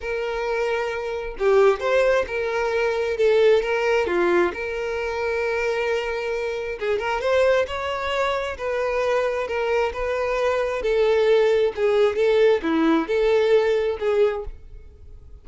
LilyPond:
\new Staff \with { instrumentName = "violin" } { \time 4/4 \tempo 4 = 133 ais'2. g'4 | c''4 ais'2 a'4 | ais'4 f'4 ais'2~ | ais'2. gis'8 ais'8 |
c''4 cis''2 b'4~ | b'4 ais'4 b'2 | a'2 gis'4 a'4 | e'4 a'2 gis'4 | }